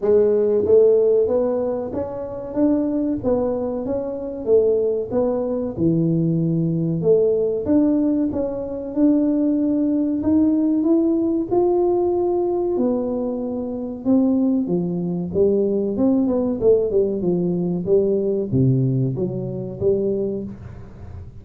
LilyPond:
\new Staff \with { instrumentName = "tuba" } { \time 4/4 \tempo 4 = 94 gis4 a4 b4 cis'4 | d'4 b4 cis'4 a4 | b4 e2 a4 | d'4 cis'4 d'2 |
dis'4 e'4 f'2 | b2 c'4 f4 | g4 c'8 b8 a8 g8 f4 | g4 c4 fis4 g4 | }